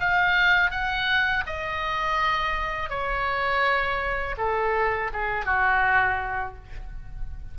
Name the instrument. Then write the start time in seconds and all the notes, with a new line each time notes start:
oboe
0.00 F5
0.71 F#5
1.47 D#5
2.89 C#5
4.38 A4
5.13 G#4
5.45 F#4